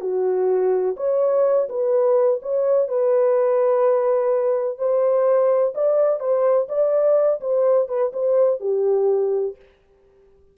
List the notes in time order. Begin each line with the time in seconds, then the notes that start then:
0.00 F#4
0.96 C#5
1.68 B4
2.42 C#5
2.88 B4
4.78 C5
5.74 D5
6.19 C5
6.68 D5
7.40 C5
7.88 B4
8.13 C5
8.60 G4